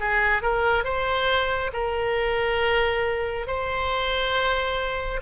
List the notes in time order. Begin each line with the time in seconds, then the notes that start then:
0.00 G#4
0.42 A#4
0.84 C5
1.73 A#4
3.47 C5